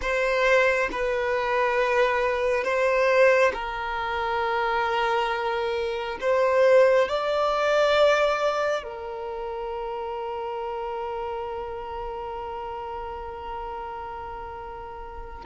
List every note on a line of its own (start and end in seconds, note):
0.01 0.89 C5
0.91 2.64 B4
2.64 3.52 C5
3.53 6.18 A#4
6.20 7.08 C5
7.08 8.83 D5
8.83 15.45 A#4